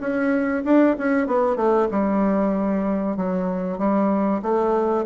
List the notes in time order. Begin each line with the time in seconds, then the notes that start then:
0.00 C#4
0.65 D4
0.98 C#4
1.27 B3
1.56 A3
1.91 G3
3.17 F#3
3.78 G3
4.42 A3